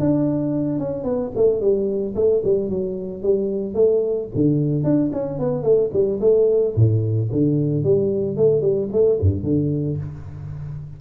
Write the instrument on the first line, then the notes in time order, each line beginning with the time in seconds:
tuba
0.00 D4
0.79 C#4
1.04 B3
1.36 A3
1.61 G3
2.15 A3
2.44 G3
2.70 F#3
3.23 G3
3.74 A3
4.35 D3
4.84 D4
5.13 C#4
5.39 B3
5.63 A3
5.93 G3
6.21 A3
6.75 A2
7.32 D3
7.84 G3
8.37 A3
8.61 G3
8.92 A3
9.21 G2
9.44 D3